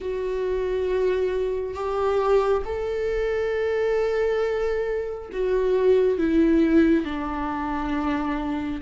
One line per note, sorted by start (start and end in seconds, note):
0.00 1.74 F#4
1.74 2.62 G4
2.65 5.29 A4
5.32 6.18 F#4
6.18 7.04 E4
7.04 8.81 D4